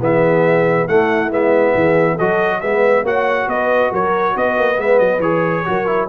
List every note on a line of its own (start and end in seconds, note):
0.00 0.87 E3
0.00 0.88 B3
0.00 0.89 G#4
0.00 0.87 E5
0.87 1.29 A3
0.87 1.31 A3
0.87 1.75 E4
0.87 1.31 F#5
1.29 1.73 G#3
1.29 2.18 B3
1.29 2.18 E5
1.74 2.17 E3
1.74 2.13 G#4
2.13 2.56 A4
2.13 2.60 D#5
2.19 2.62 F#3
2.19 2.62 F#4
2.60 3.03 G#3
2.60 3.05 B3
2.60 3.04 B4
2.60 3.04 E5
3.03 3.46 A#3
3.03 4.75 F#4
3.03 3.48 C#5
3.03 3.48 F#5
3.47 3.91 B3
3.47 3.91 B4
3.47 3.92 D#5
3.91 4.35 F#3
3.91 4.34 A#4
3.91 4.37 C#5
4.35 4.57 B3
4.35 5.65 B4
4.35 4.80 D#5
4.57 4.77 A#3
4.75 4.99 G#3
4.75 5.18 B3
4.75 4.98 E5
4.98 5.18 F#3
4.98 5.20 D#5
5.18 5.62 E3
5.18 5.65 G#4
5.18 6.08 C#5
5.65 6.08 F#3
5.65 5.86 F#4
5.65 6.08 A#4
5.86 6.08 E4